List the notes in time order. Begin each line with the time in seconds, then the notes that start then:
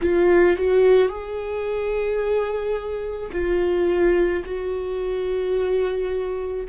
0.01 F4
0.56 F#4
1.08 G#4
3.32 F4
4.44 F#4